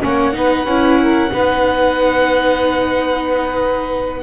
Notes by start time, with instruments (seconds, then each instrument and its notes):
0.00 double bass A#3, viola C#4, saxophone C#5, violin F#5
0.32 double bass B3, viola D#4, saxophone B4
0.65 double bass C#4, viola E4
1.02 saxophone A#4
1.31 double bass B3, viola D#4, saxophone B4